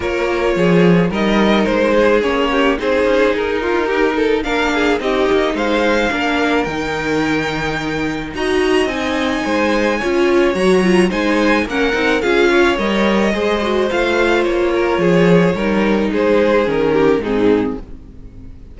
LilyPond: <<
  \new Staff \with { instrumentName = "violin" } { \time 4/4 \tempo 4 = 108 cis''2 dis''4 c''4 | cis''4 c''4 ais'2 | f''4 dis''4 f''2 | g''2. ais''4 |
gis''2. ais''4 | gis''4 fis''4 f''4 dis''4~ | dis''4 f''4 cis''2~ | cis''4 c''4 ais'4 gis'4 | }
  \new Staff \with { instrumentName = "violin" } { \time 4/4 ais'4 gis'4 ais'4. gis'8~ | gis'8 g'8 gis'4. f'8 g'8 a'8 | ais'8 gis'8 g'4 c''4 ais'4~ | ais'2. dis''4~ |
dis''4 c''4 cis''2 | c''4 ais'4 gis'8 cis''4. | c''2~ c''8 ais'8 gis'4 | ais'4 gis'4. g'8 dis'4 | }
  \new Staff \with { instrumentName = "viola" } { \time 4/4 f'2 dis'2 | cis'4 dis'2. | d'4 dis'2 d'4 | dis'2. fis'4 |
dis'2 f'4 fis'8 f'8 | dis'4 cis'8 dis'8 f'4 ais'4 | gis'8 fis'8 f'2. | dis'2 cis'4 c'4 | }
  \new Staff \with { instrumentName = "cello" } { \time 4/4 ais4 f4 g4 gis4 | ais4 c'8 cis'8 dis'2 | ais4 c'8 ais8 gis4 ais4 | dis2. dis'4 |
c'4 gis4 cis'4 fis4 | gis4 ais8 c'8 cis'4 g4 | gis4 a4 ais4 f4 | g4 gis4 dis4 gis,4 | }
>>